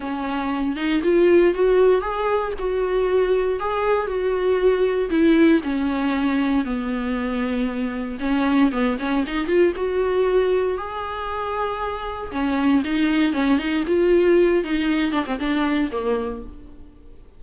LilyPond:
\new Staff \with { instrumentName = "viola" } { \time 4/4 \tempo 4 = 117 cis'4. dis'8 f'4 fis'4 | gis'4 fis'2 gis'4 | fis'2 e'4 cis'4~ | cis'4 b2. |
cis'4 b8 cis'8 dis'8 f'8 fis'4~ | fis'4 gis'2. | cis'4 dis'4 cis'8 dis'8 f'4~ | f'8 dis'4 d'16 c'16 d'4 ais4 | }